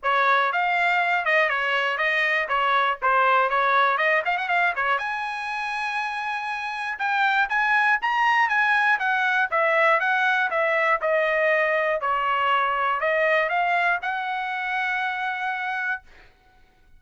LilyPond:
\new Staff \with { instrumentName = "trumpet" } { \time 4/4 \tempo 4 = 120 cis''4 f''4. dis''8 cis''4 | dis''4 cis''4 c''4 cis''4 | dis''8 f''16 fis''16 f''8 cis''8 gis''2~ | gis''2 g''4 gis''4 |
ais''4 gis''4 fis''4 e''4 | fis''4 e''4 dis''2 | cis''2 dis''4 f''4 | fis''1 | }